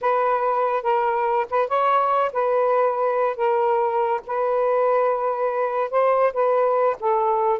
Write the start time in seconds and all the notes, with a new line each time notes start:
0.01 B4
0.82 A#4
1.50 B4
1.68 C#5
2.33 B4
3.36 A#4
4.26 B4
5.90 C5
6.33 B4
7.00 A4